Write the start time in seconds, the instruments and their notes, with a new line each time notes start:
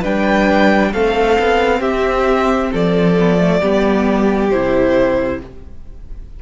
0.00 cello G3, viola D4, violin B4 G5
0.92 cello A3, viola C4, violin A4 F5
1.38 cello B3
1.79 cello C4, violin G4 E5
2.71 cello F3, violin A4 D5
3.18 viola B3
3.38 viola A3
3.60 cello G3, viola B3, violin G4
4.50 cello C3, viola E4, violin C5